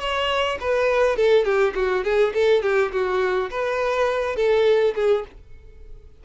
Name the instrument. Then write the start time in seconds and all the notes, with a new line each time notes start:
violin
0.00 C#5
0.61 B4
1.17 A4
1.45 G4
1.75 F#4
2.04 G#4
2.34 A4
2.63 G4
2.92 F#4
3.51 B4
4.36 A4
4.96 G#4